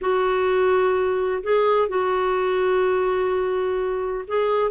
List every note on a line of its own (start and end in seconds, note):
0.01 1.43 F#4
1.43 1.88 G#4
1.88 4.24 F#4
4.27 4.71 G#4